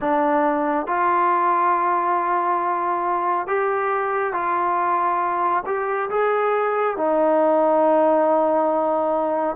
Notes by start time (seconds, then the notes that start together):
0.00 D4
0.86 F4
3.47 G4
4.33 F4
5.66 G4
6.09 G#4
6.96 D#4